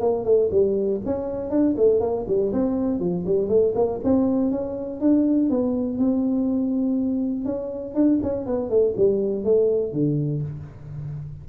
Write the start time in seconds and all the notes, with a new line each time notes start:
0.00 A#3
0.25 A3
0.51 G3
1.05 C#4
1.50 D4
1.77 A3
2.00 A#3
2.27 G3
2.52 C4
3.00 F3
3.26 G3
3.48 A3
3.75 A#3
4.04 C4
4.51 C#4
5.00 D4
5.50 B3
5.98 C4
7.45 C#4
7.95 D4
8.22 C#4
8.46 B3
8.70 A3
8.97 G3
9.44 A3
9.92 D3